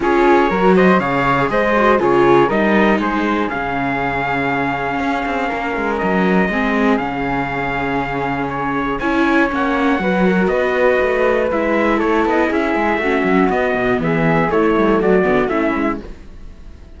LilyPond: <<
  \new Staff \with { instrumentName = "trumpet" } { \time 4/4 \tempo 4 = 120 cis''4. dis''8 f''4 dis''4 | cis''4 dis''4 c''4 f''4~ | f''1 | dis''2 f''2~ |
f''4 cis''4 gis''4 fis''4~ | fis''4 dis''2 e''4 | cis''8 dis''8 e''2 dis''4 | e''4 cis''4 d''4 e''4 | }
  \new Staff \with { instrumentName = "flute" } { \time 4/4 gis'4 ais'8 c''8 cis''4 c''4 | gis'4 ais'4 gis'2~ | gis'2. ais'4~ | ais'4 gis'2.~ |
gis'2 cis''2 | b'8 ais'8 b'2. | a'4 gis'4 fis'2 | gis'4 e'4 fis'4 e'4 | }
  \new Staff \with { instrumentName = "viola" } { \time 4/4 f'4 fis'4 gis'4. fis'8 | f'4 dis'2 cis'4~ | cis'1~ | cis'4 c'4 cis'2~ |
cis'2 e'4 cis'4 | fis'2. e'4~ | e'2 cis'4 b4~ | b4 a4. b8 cis'4 | }
  \new Staff \with { instrumentName = "cello" } { \time 4/4 cis'4 fis4 cis4 gis4 | cis4 g4 gis4 cis4~ | cis2 cis'8 c'8 ais8 gis8 | fis4 gis4 cis2~ |
cis2 cis'4 ais4 | fis4 b4 a4 gis4 | a8 b8 cis'8 gis8 a8 fis8 b8 b,8 | e4 a8 g8 fis8 d8 a8 gis8 | }
>>